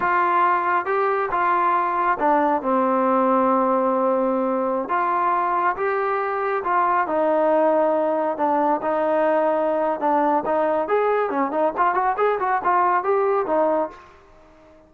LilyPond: \new Staff \with { instrumentName = "trombone" } { \time 4/4 \tempo 4 = 138 f'2 g'4 f'4~ | f'4 d'4 c'2~ | c'2.~ c'16 f'8.~ | f'4~ f'16 g'2 f'8.~ |
f'16 dis'2. d'8.~ | d'16 dis'2~ dis'8. d'4 | dis'4 gis'4 cis'8 dis'8 f'8 fis'8 | gis'8 fis'8 f'4 g'4 dis'4 | }